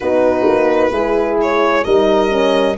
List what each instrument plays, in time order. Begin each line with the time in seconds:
0.00 tuba B3, horn D#4 F#4, violin B4
0.47 tuba A#3
0.91 tuba G#3, horn E4 G#4
1.41 violin C#5
1.84 tuba G3, horn D#4 A#4, violin D#5
2.29 horn C#4